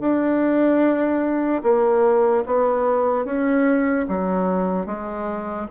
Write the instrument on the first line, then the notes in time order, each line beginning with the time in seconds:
bassoon
0.00 D4
1.63 A#3
2.46 B3
3.25 C#4
4.08 F#3
4.86 G#3